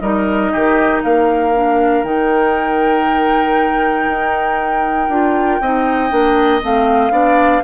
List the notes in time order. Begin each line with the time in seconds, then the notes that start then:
0.00 G3 D#4 A#4 D#5
0.52 D#3 G4
1.03 A#3 A#4 F5
1.54 D4
2.04 D#3 D#4 G5
4.07 D#4
5.08 D4 F4
5.61 C4 D#4 D#5
6.10 A#3 D4
6.62 A3 C4 F5
7.11 B3 D4 D5